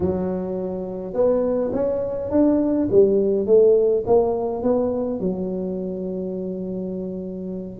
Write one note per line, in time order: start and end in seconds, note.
0.00 1.13 F#3
1.13 1.71 B3
1.73 2.30 C#4
2.31 2.88 D4
2.91 3.46 G3
3.46 4.04 A3
4.06 4.62 A#3
4.62 5.19 B3
5.19 7.79 F#3